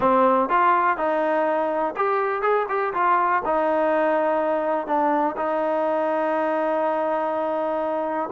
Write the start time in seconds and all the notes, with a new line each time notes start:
0.00 C4
0.49 F4
0.97 D#4
1.96 G4
2.41 G#4
2.68 G4
2.93 F4
3.45 D#4
4.86 D4
5.36 D#4